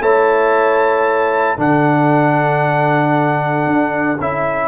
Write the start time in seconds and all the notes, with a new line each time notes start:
0.00 A3 E4 C#5 A5
1.57 D3 D4 A4 F#5
3.66 D4
4.19 C#4 E4 E5